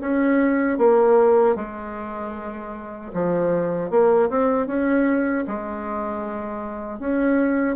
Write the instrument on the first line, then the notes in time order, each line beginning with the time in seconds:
bassoon
0.00 C#4
0.78 A#3
1.55 G#3
3.13 F3
3.90 A#3
4.29 C4
4.67 C#4
5.47 G#3
6.99 C#4